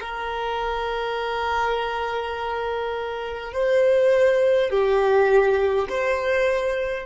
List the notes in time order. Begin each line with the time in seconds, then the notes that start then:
0.00 A#4
3.53 C5
4.70 G4
5.89 C5